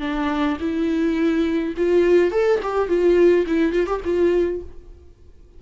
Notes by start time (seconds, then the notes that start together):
0.00 D4
0.60 E4
1.77 F4
2.31 A4
2.62 G4
2.88 F4
3.46 E4
3.72 F4
3.86 G4
4.04 F4